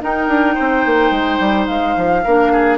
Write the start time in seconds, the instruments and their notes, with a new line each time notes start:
0.00 clarinet D#4, bassoon D#4, oboe A#4, flute G5
0.28 bassoon D4
0.55 bassoon C4, oboe C5
0.86 bassoon A#3
1.11 bassoon G#3
1.40 bassoon G3
1.66 bassoon G#3, flute F5
1.96 bassoon F3
2.24 bassoon A#3, clarinet D4, oboe A#4
2.52 oboe G#4